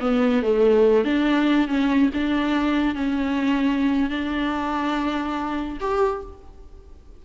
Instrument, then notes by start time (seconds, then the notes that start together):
viola
0.00 B3
0.42 A3
1.04 D4
1.67 C#4
2.13 D4
2.95 C#4
4.09 D4
5.80 G4